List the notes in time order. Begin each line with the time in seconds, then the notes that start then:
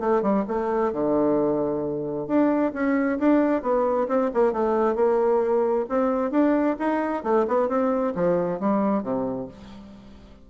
0.00 A3
0.22 G3
0.48 A3
0.93 D3
2.27 D4
2.74 C#4
3.19 D4
3.62 B3
4.08 C4
4.34 A#3
4.53 A3
4.96 A#3
5.89 C4
6.31 D4
6.79 D#4
7.24 A3
7.48 B3
7.69 C4
8.15 F3
8.60 G3
9.03 C3